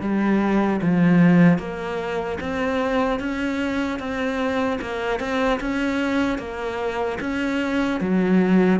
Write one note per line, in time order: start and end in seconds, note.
0.00 0.80 G3
0.81 1.58 F3
1.58 2.38 A#3
2.40 3.19 C4
3.19 3.99 C#4
3.99 4.79 C4
4.81 5.19 A#3
5.19 5.59 C4
5.60 6.38 C#4
6.38 7.18 A#3
7.20 8.00 C#4
8.00 8.80 F#3